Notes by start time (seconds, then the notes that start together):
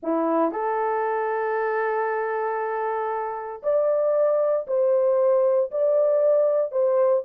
0.03 E4
0.51 A4
3.62 D5
4.67 C5
5.71 D5
6.71 C5